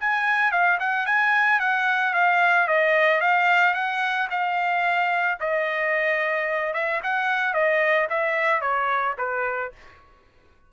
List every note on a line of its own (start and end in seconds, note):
0.00 0.51 G#5
0.51 0.78 F5
0.80 1.06 F#5
1.06 1.60 G#5
1.60 2.14 F#5
2.14 2.67 F5
2.67 3.21 D#5
3.21 3.74 F5
3.74 4.28 F#5
4.30 5.38 F5
5.40 6.73 D#5
6.73 7.00 E5
7.03 7.53 F#5
7.53 8.07 D#5
8.10 8.61 E5
8.61 9.15 C#5
9.18 9.72 B4